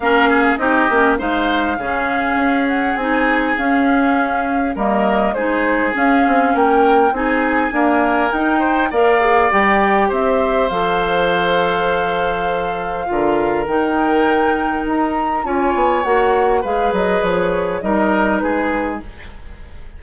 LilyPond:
<<
  \new Staff \with { instrumentName = "flute" } { \time 4/4 \tempo 4 = 101 f''4 dis''4 f''2~ | f''8 fis''8 gis''4 f''2 | dis''4 c''4 f''4 g''4 | gis''2 g''4 f''4 |
g''4 e''4 f''2~ | f''2. g''4~ | g''4 ais''4 gis''4 fis''4 | f''8 dis''8 cis''4 dis''4 b'4 | }
  \new Staff \with { instrumentName = "oboe" } { \time 4/4 ais'8 gis'8 g'4 c''4 gis'4~ | gis'1 | ais'4 gis'2 ais'4 | gis'4 ais'4. c''8 d''4~ |
d''4 c''2.~ | c''2 ais'2~ | ais'2 cis''2 | b'2 ais'4 gis'4 | }
  \new Staff \with { instrumentName = "clarinet" } { \time 4/4 cis'4 dis'8 cis'8 dis'4 cis'4~ | cis'4 dis'4 cis'2 | ais4 dis'4 cis'2 | dis'4 ais4 dis'4 ais'8 gis'8 |
g'2 a'2~ | a'2 f'4 dis'4~ | dis'2 f'4 fis'4 | gis'2 dis'2 | }
  \new Staff \with { instrumentName = "bassoon" } { \time 4/4 ais4 c'8 ais8 gis4 cis4 | cis'4 c'4 cis'2 | g4 gis4 cis'8 c'8 ais4 | c'4 d'4 dis'4 ais4 |
g4 c'4 f2~ | f2 d4 dis4~ | dis4 dis'4 cis'8 b8 ais4 | gis8 fis8 f4 g4 gis4 | }
>>